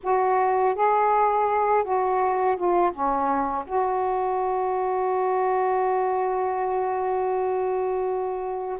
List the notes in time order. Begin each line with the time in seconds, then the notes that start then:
0.03 F#4
0.75 G#4
1.84 F#4
2.56 F4
2.91 C#4
3.66 F#4